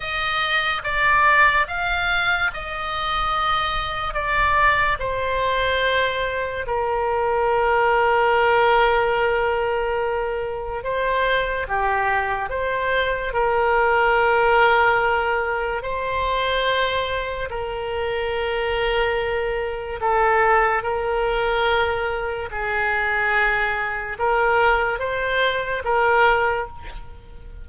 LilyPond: \new Staff \with { instrumentName = "oboe" } { \time 4/4 \tempo 4 = 72 dis''4 d''4 f''4 dis''4~ | dis''4 d''4 c''2 | ais'1~ | ais'4 c''4 g'4 c''4 |
ais'2. c''4~ | c''4 ais'2. | a'4 ais'2 gis'4~ | gis'4 ais'4 c''4 ais'4 | }